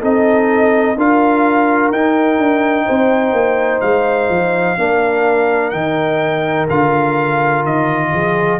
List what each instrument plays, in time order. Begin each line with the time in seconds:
0.00 tuba C4, trombone D#4, horn A4, trumpet D#5
0.96 tuba D4, trombone F4, horn A#4, trumpet F5
1.91 tuba D#4, trombone D#4, trumpet G5
2.38 tuba D4
2.86 tuba C4, horn C5
3.32 tuba A#3
3.81 tuba G#3, trumpet F5
4.29 tuba F3
4.78 tuba A#3, trombone D4, horn A#4
5.70 tuba D#3, trombone D#4, trumpet G5
6.69 tuba D3, trombone F4, trumpet F5
7.64 tuba D#3, trumpet D#5
8.12 tuba F3, horn G#4